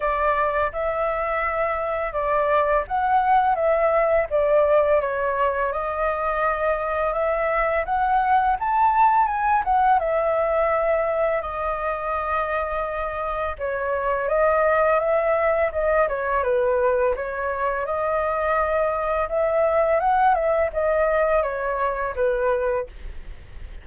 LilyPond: \new Staff \with { instrumentName = "flute" } { \time 4/4 \tempo 4 = 84 d''4 e''2 d''4 | fis''4 e''4 d''4 cis''4 | dis''2 e''4 fis''4 | a''4 gis''8 fis''8 e''2 |
dis''2. cis''4 | dis''4 e''4 dis''8 cis''8 b'4 | cis''4 dis''2 e''4 | fis''8 e''8 dis''4 cis''4 b'4 | }